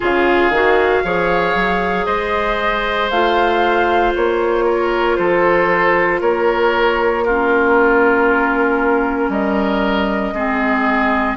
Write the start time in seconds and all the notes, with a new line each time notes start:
0.00 C#3 F4 G#4 F5
0.49 D#3 F#4
1.03 F3 G#4 C#5
1.54 F#3
2.05 G#3 C5 D#5
3.10 A3 F4 F5
4.15 A#3 C#5
4.64 A#4
5.16 F3 A4 C5
6.20 A#3 A#4 C#5
7.23 C#4 F4 A#4
9.28 G3 A#4 D#5
10.33 G#3 C4 G#4